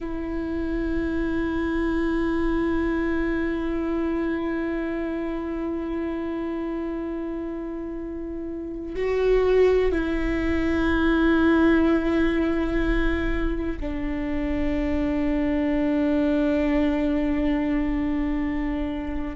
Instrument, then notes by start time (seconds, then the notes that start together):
viola
0.00 E4
8.95 F#4
9.91 E4
13.79 D4